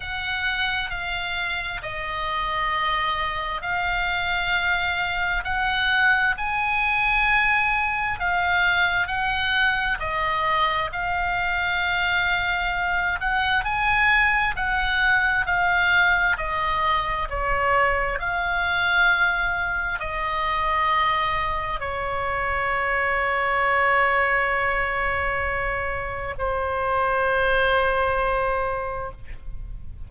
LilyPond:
\new Staff \with { instrumentName = "oboe" } { \time 4/4 \tempo 4 = 66 fis''4 f''4 dis''2 | f''2 fis''4 gis''4~ | gis''4 f''4 fis''4 dis''4 | f''2~ f''8 fis''8 gis''4 |
fis''4 f''4 dis''4 cis''4 | f''2 dis''2 | cis''1~ | cis''4 c''2. | }